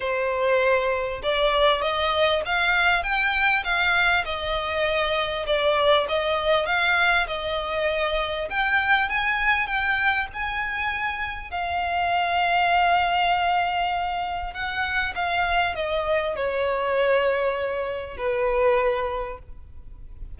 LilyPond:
\new Staff \with { instrumentName = "violin" } { \time 4/4 \tempo 4 = 99 c''2 d''4 dis''4 | f''4 g''4 f''4 dis''4~ | dis''4 d''4 dis''4 f''4 | dis''2 g''4 gis''4 |
g''4 gis''2 f''4~ | f''1 | fis''4 f''4 dis''4 cis''4~ | cis''2 b'2 | }